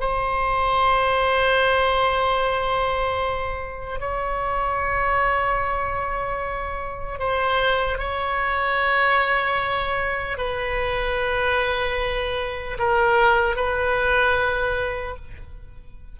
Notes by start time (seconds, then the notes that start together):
0.00 C5
4.00 C#5
7.19 C5
7.98 C#5
10.37 B4
12.79 A#4
13.56 B4